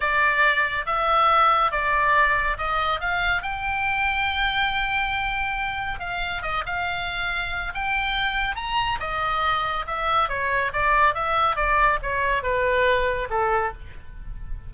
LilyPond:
\new Staff \with { instrumentName = "oboe" } { \time 4/4 \tempo 4 = 140 d''2 e''2 | d''2 dis''4 f''4 | g''1~ | g''2 f''4 dis''8 f''8~ |
f''2 g''2 | ais''4 dis''2 e''4 | cis''4 d''4 e''4 d''4 | cis''4 b'2 a'4 | }